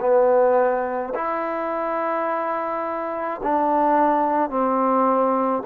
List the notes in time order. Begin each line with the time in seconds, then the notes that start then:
0.00 B3
1.14 E4
3.43 D4
4.49 C4